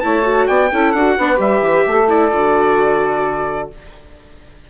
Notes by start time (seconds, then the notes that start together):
0.00 A3 E4 C#5 A5
0.22 F#4
0.47 B3 D5 G5
0.70 C#4 E4 A4
0.92 D4 F#4 F#5
1.17 B3 D4 B4
1.36 G3 G4 E5
1.60 E3
1.86 A3 A4
2.08 E4 D5
2.31 D3 F#4